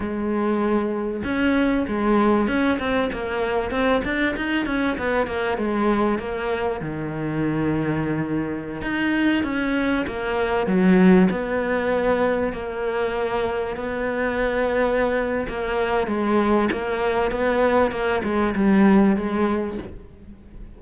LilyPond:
\new Staff \with { instrumentName = "cello" } { \time 4/4 \tempo 4 = 97 gis2 cis'4 gis4 | cis'8 c'8 ais4 c'8 d'8 dis'8 cis'8 | b8 ais8 gis4 ais4 dis4~ | dis2~ dis16 dis'4 cis'8.~ |
cis'16 ais4 fis4 b4.~ b16~ | b16 ais2 b4.~ b16~ | b4 ais4 gis4 ais4 | b4 ais8 gis8 g4 gis4 | }